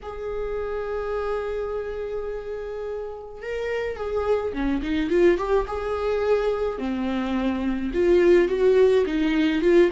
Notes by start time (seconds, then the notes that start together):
0.02 G#4
3.42 A#4
3.96 G#4
4.53 C#4
4.82 D#4
5.10 F4
5.37 G4
5.67 G#4
6.78 C4
7.93 F4
8.48 F#4
9.06 D#4
9.61 F4